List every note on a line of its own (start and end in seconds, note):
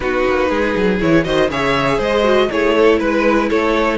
0.00 0.24 B3
0.00 0.99 D#4
0.00 0.49 F#4
0.00 0.99 B4
0.28 0.50 A#3
0.49 0.75 G#3
0.49 1.24 G#4
0.76 1.01 F#3
0.99 1.26 E3
0.99 1.24 E4
0.99 1.24 C#5
1.24 1.49 D#3
1.24 1.49 F#4
1.24 1.50 C5
1.24 1.49 D#5
1.49 1.98 C#3
1.49 2.23 G#4
1.49 1.97 C#5
1.49 2.01 E5
1.97 2.48 G#3
1.97 2.47 C5
1.97 2.51 D#5
2.23 2.48 F#4
2.50 3.00 A3
2.50 3.97 E4
2.50 2.75 G#4
2.50 2.98 C#5
2.75 2.99 A4
2.98 3.50 G#3
2.98 3.48 B4
2.98 3.49 B4
3.49 3.97 A3
3.49 3.97 A4
3.49 3.97 C#5